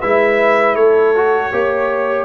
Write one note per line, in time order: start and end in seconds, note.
0.00 0.75 G#3
0.00 1.15 E4
0.00 0.75 B4
0.00 0.75 E5
0.75 1.51 A3
0.75 1.51 A4
0.75 2.25 C#5
1.15 1.53 F#4
1.51 2.25 A#3
1.51 2.25 G4
1.51 2.25 C#5